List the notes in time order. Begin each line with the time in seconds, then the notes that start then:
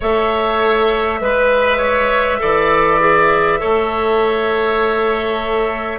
0.00 A3 A4 C#5 E5
1.20 G#3 B4
1.77 C#5
2.39 E3 A4 D5
3.00 G#4
3.58 A3 A4 C#5